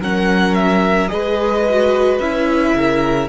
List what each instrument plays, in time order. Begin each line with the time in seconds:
0.00 cello F#3, viola C#4, violin A#4 F#5
0.54 violin E5
1.08 cello G#3, viola G#4, violin B4 D#5
1.69 viola F#4
2.18 cello C#4, viola E4, violin E5
2.74 cello C#3, violin A#4